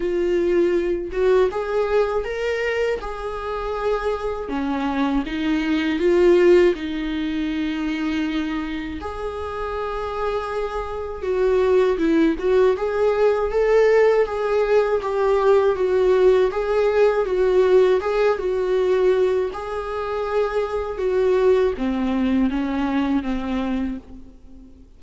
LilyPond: \new Staff \with { instrumentName = "viola" } { \time 4/4 \tempo 4 = 80 f'4. fis'8 gis'4 ais'4 | gis'2 cis'4 dis'4 | f'4 dis'2. | gis'2. fis'4 |
e'8 fis'8 gis'4 a'4 gis'4 | g'4 fis'4 gis'4 fis'4 | gis'8 fis'4. gis'2 | fis'4 c'4 cis'4 c'4 | }